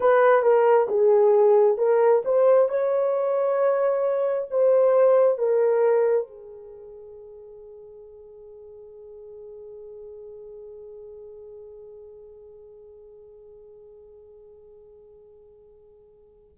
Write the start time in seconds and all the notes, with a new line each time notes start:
0.00 B4
0.42 A#4
0.88 G#4
1.77 A#4
2.24 C5
2.69 C#5
4.50 C5
5.38 A#4
6.27 G#4